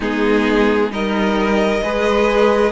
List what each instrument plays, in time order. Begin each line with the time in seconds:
0.00 cello G#3, viola B3, violin D#4 G#4
0.90 cello G3, viola D#4, violin A#4 D#5
1.81 cello G#3, viola G#4, violin B4